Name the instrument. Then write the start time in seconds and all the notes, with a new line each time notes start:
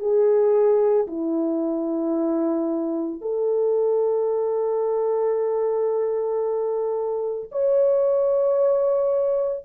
horn
0.00 G#4
1.08 E4
3.21 A4
7.52 C#5